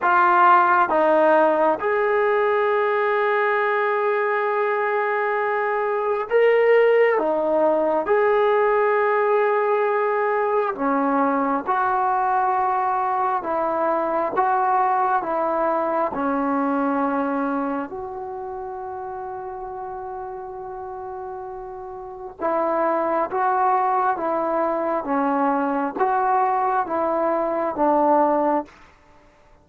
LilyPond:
\new Staff \with { instrumentName = "trombone" } { \time 4/4 \tempo 4 = 67 f'4 dis'4 gis'2~ | gis'2. ais'4 | dis'4 gis'2. | cis'4 fis'2 e'4 |
fis'4 e'4 cis'2 | fis'1~ | fis'4 e'4 fis'4 e'4 | cis'4 fis'4 e'4 d'4 | }